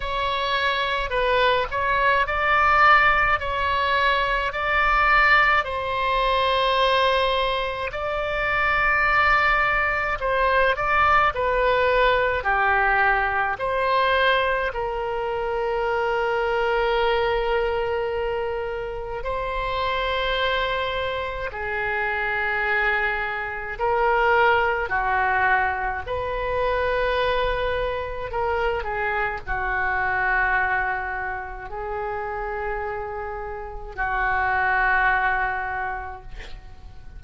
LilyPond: \new Staff \with { instrumentName = "oboe" } { \time 4/4 \tempo 4 = 53 cis''4 b'8 cis''8 d''4 cis''4 | d''4 c''2 d''4~ | d''4 c''8 d''8 b'4 g'4 | c''4 ais'2.~ |
ais'4 c''2 gis'4~ | gis'4 ais'4 fis'4 b'4~ | b'4 ais'8 gis'8 fis'2 | gis'2 fis'2 | }